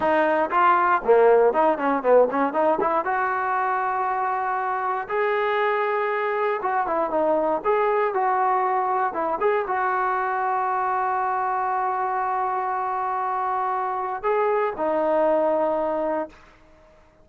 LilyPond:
\new Staff \with { instrumentName = "trombone" } { \time 4/4 \tempo 4 = 118 dis'4 f'4 ais4 dis'8 cis'8 | b8 cis'8 dis'8 e'8 fis'2~ | fis'2 gis'2~ | gis'4 fis'8 e'8 dis'4 gis'4 |
fis'2 e'8 gis'8 fis'4~ | fis'1~ | fis'1 | gis'4 dis'2. | }